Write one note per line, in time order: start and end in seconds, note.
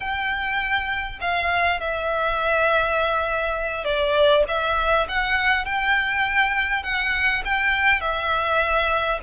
0.00 1.19 G5
1.20 1.80 F5
1.80 3.84 E5
3.84 4.44 D5
4.47 5.07 E5
5.08 5.65 F#5
5.65 6.83 G5
6.83 7.42 F#5
7.44 8.00 G5
8.00 9.19 E5